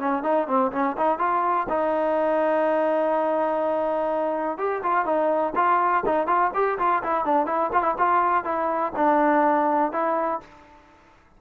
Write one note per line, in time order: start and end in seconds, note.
0.00 0.24 C#4
0.24 0.48 D#4
0.48 0.72 C4
0.72 0.97 C#4
0.98 1.19 D#4
1.19 1.67 F4
1.69 4.58 D#4
4.58 4.83 G4
4.83 5.06 F4
5.06 5.54 D#4
5.56 6.04 F4
6.06 6.27 D#4
6.27 6.52 F4
6.55 6.79 G4
6.79 7.03 F4
7.04 7.26 E4
7.26 7.46 D4
7.46 7.71 E4
7.73 7.83 F4
7.83 7.95 E4
7.99 8.45 F4
8.45 8.93 E4
8.96 9.93 D4
9.93 10.41 E4